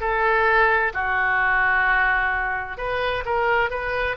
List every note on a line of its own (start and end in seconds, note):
0.00 0.92 A4
0.93 2.77 F#4
2.77 3.23 B4
3.25 3.70 A#4
3.70 4.16 B4